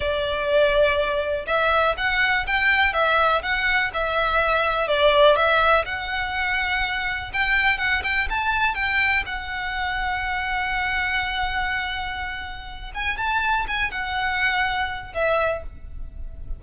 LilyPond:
\new Staff \with { instrumentName = "violin" } { \time 4/4 \tempo 4 = 123 d''2. e''4 | fis''4 g''4 e''4 fis''4 | e''2 d''4 e''4 | fis''2. g''4 |
fis''8 g''8 a''4 g''4 fis''4~ | fis''1~ | fis''2~ fis''8 gis''8 a''4 | gis''8 fis''2~ fis''8 e''4 | }